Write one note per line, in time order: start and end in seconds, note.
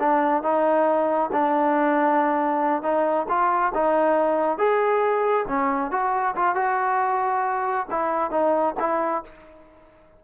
0.00 0.43 D4
0.43 1.31 D#4
1.33 2.83 D4
2.83 3.27 D#4
3.29 3.73 F4
3.75 4.59 D#4
4.59 5.46 G#4
5.48 5.92 C#4
5.92 6.35 F#4
6.36 6.56 F4
6.56 7.87 F#4
7.91 8.31 E4
8.31 8.75 D#4
8.80 9.24 E4